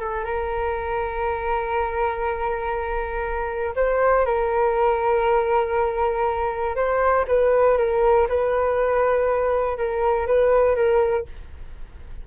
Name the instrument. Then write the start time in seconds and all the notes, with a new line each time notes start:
flute
0.00 A4
0.24 A#4
3.75 C5
4.25 A#4
6.75 C5
7.27 B4
7.77 A#4
8.28 B4
9.77 A#4
10.27 B4
10.75 A#4